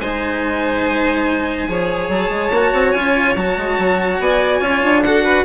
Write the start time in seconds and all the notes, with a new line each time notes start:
0.00 G#3 D#4 C5 G#5
1.68 F3 G#4 C#5
2.08 F#3 A5
2.29 G#3
2.51 A#3 F#4
2.73 C4
2.92 C#4 F4 G#5
3.36 F#3 F#4 A5
3.57 G#3
3.78 F#3
4.19 B3 D5 G#5
4.61 C#4 F4 C#5
4.83 D4
5.03 F#4 A4 F#5
5.24 B4